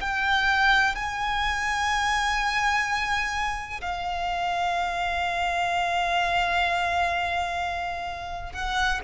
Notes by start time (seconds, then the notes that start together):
0.00 G5
0.95 G#5
3.81 F5
8.52 F#5